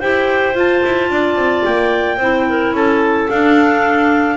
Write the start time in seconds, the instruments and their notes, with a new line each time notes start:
0.00 double bass E4, clarinet G4 C5 G5
0.54 clarinet F4 A5, double bass F4
0.85 double bass E4
1.10 double bass D4, clarinet D5
1.36 double bass C4
1.65 double bass A#3, clarinet G5
2.17 double bass C4, clarinet E4 C5
2.49 clarinet A#4
2.73 double bass C#4, clarinet A4 A5
3.30 double bass D4, clarinet D4 F5